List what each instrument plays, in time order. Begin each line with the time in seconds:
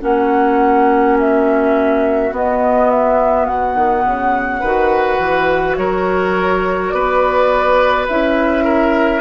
0.00 bassoon A#3, clarinet C#4, oboe F#4, flute F#5
1.19 flute E5
2.31 clarinet B3, bassoon B3, flute D#5
2.90 flute E5
3.46 bassoon B2, flute F#5
3.75 bassoon D#3
4.05 bassoon C#3
4.60 bassoon D#3, clarinet F#4, oboe B4
5.19 bassoon E3
5.77 bassoon F#3, oboe A#4, flute C#5
6.91 bassoon B3, oboe B4, flute D5
8.08 bassoon C#4, clarinet E4, flute E5
8.64 oboe A#4